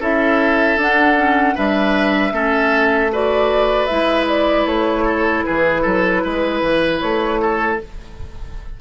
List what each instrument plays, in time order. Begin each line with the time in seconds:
0.00 bassoon C#4, clarinet E4, oboe A4, flute E5
0.77 bassoon D4, clarinet D4, flute F#5
1.17 clarinet C#4
1.55 bassoon G3, clarinet D4, oboe B4, flute E5
2.32 bassoon A3, clarinet C#4, oboe A4
3.12 clarinet F#4, oboe B4, flute D5
3.86 bassoon G#3, clarinet E4, flute E5
4.28 flute D5
4.66 bassoon A3, flute C#5
5.05 oboe A4
5.45 bassoon E3, oboe G#4, flute B4
5.82 bassoon F#3, oboe A4
6.24 bassoon G#3, oboe B4
6.62 bassoon E3
7.00 bassoon A3, flute C#5
7.42 oboe A4